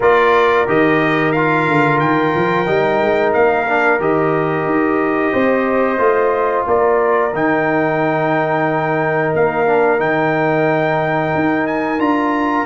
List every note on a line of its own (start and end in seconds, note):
0.00 0.66 A#3
0.00 0.66 F4
0.00 5.32 A#4
0.00 0.68 D5
0.66 1.67 D#3
0.66 1.33 G4
0.66 1.32 D#5
1.32 2.65 F4
1.32 1.98 F5
1.67 1.99 D3
1.99 2.33 D#3
1.99 3.32 G5
2.35 2.67 F3
2.65 3.01 G3
2.65 3.65 D#4
3.01 3.34 G#3
3.33 3.99 A#3
3.33 3.99 F5
3.67 4.00 D4
3.99 4.65 D#3
3.99 5.97 G4
3.99 6.67 D#5
4.65 5.32 D#4
5.32 5.98 C4
5.32 6.65 C5
5.97 6.65 A3
5.97 7.31 F4
6.66 7.33 A#3
6.66 12.65 A#4
6.66 7.34 D5
7.33 9.33 D#3
7.33 9.66 D#4
7.33 9.35 G5
9.34 10.00 A#3
9.34 10.00 F5
9.66 9.98 D4
9.98 11.33 D#3
9.98 11.98 D#4
9.98 11.66 G5
11.34 11.98 D#4
11.66 12.00 G#5
11.98 12.65 D4
11.98 12.65 F4
11.98 12.65 A#5